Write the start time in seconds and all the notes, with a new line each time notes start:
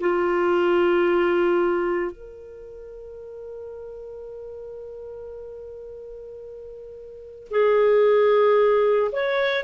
0.00 F4
2.11 A#4
7.50 G#4
9.12 C#5